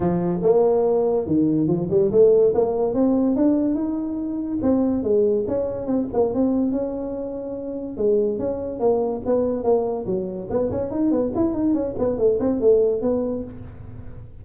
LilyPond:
\new Staff \with { instrumentName = "tuba" } { \time 4/4 \tempo 4 = 143 f4 ais2 dis4 | f8 g8 a4 ais4 c'4 | d'4 dis'2 c'4 | gis4 cis'4 c'8 ais8 c'4 |
cis'2. gis4 | cis'4 ais4 b4 ais4 | fis4 b8 cis'8 dis'8 b8 e'8 dis'8 | cis'8 b8 a8 c'8 a4 b4 | }